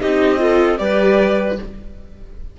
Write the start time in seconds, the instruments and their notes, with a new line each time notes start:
0.00 cello C4, viola D#4, clarinet G4, violin D#5
0.38 viola F4, clarinet A4
0.78 cello G3, viola G4, clarinet B4, violin D5